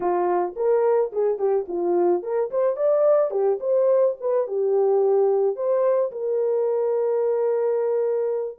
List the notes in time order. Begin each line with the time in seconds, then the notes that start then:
0.00 F4
0.56 A#4
1.12 G#4
1.38 G4
1.67 F4
2.22 A#4
2.51 C5
2.76 D5
3.31 G4
3.60 C5
4.20 B4
4.47 G4
5.56 C5
6.11 A#4